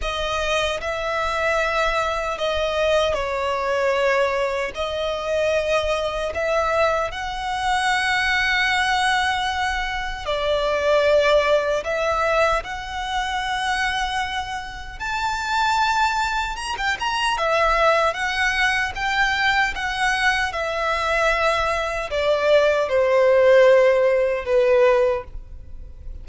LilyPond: \new Staff \with { instrumentName = "violin" } { \time 4/4 \tempo 4 = 76 dis''4 e''2 dis''4 | cis''2 dis''2 | e''4 fis''2.~ | fis''4 d''2 e''4 |
fis''2. a''4~ | a''4 ais''16 g''16 ais''8 e''4 fis''4 | g''4 fis''4 e''2 | d''4 c''2 b'4 | }